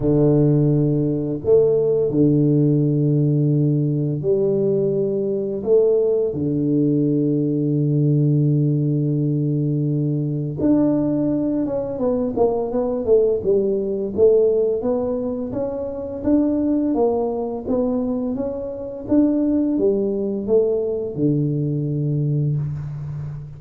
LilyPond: \new Staff \with { instrumentName = "tuba" } { \time 4/4 \tempo 4 = 85 d2 a4 d4~ | d2 g2 | a4 d2.~ | d2. d'4~ |
d'8 cis'8 b8 ais8 b8 a8 g4 | a4 b4 cis'4 d'4 | ais4 b4 cis'4 d'4 | g4 a4 d2 | }